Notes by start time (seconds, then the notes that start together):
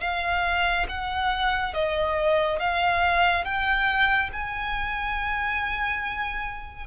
0.00 F5
0.88 F#5
1.73 D#5
2.59 F5
3.44 G5
4.32 G#5